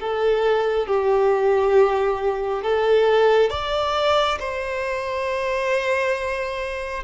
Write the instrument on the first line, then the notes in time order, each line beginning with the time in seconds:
violin
0.00 A4
0.87 G4
2.62 A4
3.50 D5
4.39 C5